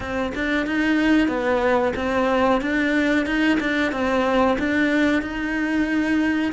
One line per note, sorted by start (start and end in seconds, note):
0.00 0.32 C4
0.34 0.66 D4
0.66 1.28 D#4
1.28 1.93 B3
1.96 2.61 C4
2.61 3.25 D4
3.25 3.58 D#4
3.60 3.92 D4
3.92 4.57 C4
4.58 5.21 D4
5.21 6.52 D#4